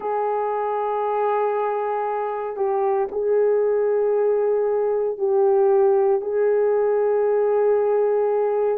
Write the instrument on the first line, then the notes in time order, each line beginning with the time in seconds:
horn
0.00 G#4
2.56 G4
3.11 G#4
5.18 G4
6.21 G#4